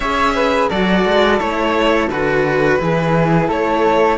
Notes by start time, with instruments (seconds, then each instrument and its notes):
0.00 cello C#4 G#4, flute C#5, violin E5
0.34 flute B4
0.69 cello F#3 F#4, flute A4, violin D5
1.05 cello G#3
1.38 cello A3 E4, violin C#5
2.09 cello D3 F#4, violin B4
2.79 cello E3 E4, flute G#4
3.48 cello A3, flute A4, violin C#5